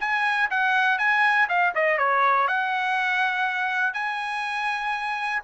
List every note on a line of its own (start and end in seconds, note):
0.00 0.50 G#5
0.50 0.98 F#5
0.98 1.48 G#5
1.49 1.73 F5
1.75 1.98 D#5
1.98 2.47 C#5
2.47 3.94 F#5
3.94 5.42 G#5